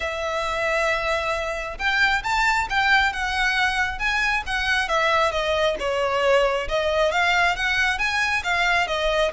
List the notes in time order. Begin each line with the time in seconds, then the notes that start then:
0.00 E5
1.78 G5
2.23 A5
2.69 G5
3.13 F#5
3.98 G#5
4.46 F#5
4.88 E5
5.31 D#5
5.79 C#5
6.68 D#5
7.11 F5
7.56 F#5
7.98 G#5
8.43 F5
8.87 D#5